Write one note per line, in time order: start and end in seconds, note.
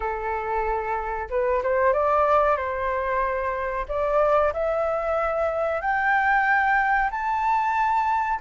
0.00 1.28 A4
1.30 1.62 B4
1.63 1.93 C5
1.93 2.56 D5
2.56 3.85 C5
3.88 4.52 D5
4.53 5.81 E5
5.81 7.10 G5
7.10 8.39 A5